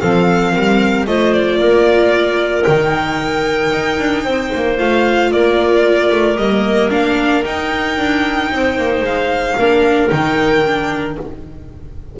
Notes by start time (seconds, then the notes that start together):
0.00 F3 C4 A4 F5
0.53 G3 A#4
1.07 A3 F4 C5 D#5
1.33 D5
1.59 A#3 A#4
2.64 D#3 D#4 G5
3.72 D#4
3.99 D4
4.24 C4 C5
4.55 A#3
4.78 A3 F4 F5
5.31 A#3 A#4 D5
6.12 A3
6.37 G3 A#3 D#5
6.90 A#3 D4 F5
7.44 D#4 G5
7.98 D4
8.52 C4 C5
8.78 A#3
9.01 G#3 F5
9.57 A#3 D4 A#4
10.10 D#3 D#4 G5
10.67 D4